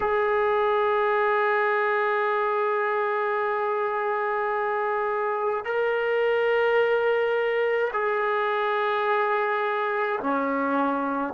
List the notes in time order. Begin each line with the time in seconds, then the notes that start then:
0.00 G#4
5.64 A#4
7.93 G#4
10.20 C#4